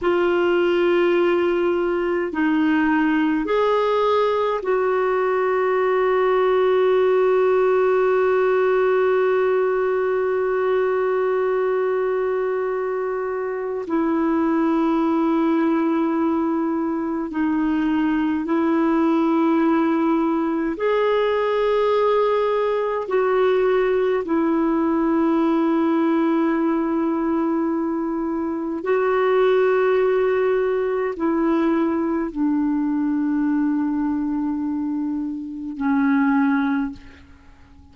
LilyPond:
\new Staff \with { instrumentName = "clarinet" } { \time 4/4 \tempo 4 = 52 f'2 dis'4 gis'4 | fis'1~ | fis'1 | e'2. dis'4 |
e'2 gis'2 | fis'4 e'2.~ | e'4 fis'2 e'4 | d'2. cis'4 | }